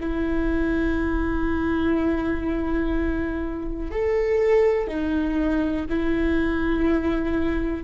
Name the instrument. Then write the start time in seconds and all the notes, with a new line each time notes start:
viola
0.00 E4
3.91 A4
4.87 D#4
5.89 E4